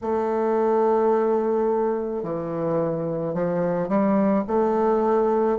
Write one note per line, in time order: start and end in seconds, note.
0.01 2.23 A3
2.23 3.34 E3
3.34 3.88 F3
3.88 4.43 G3
4.47 5.58 A3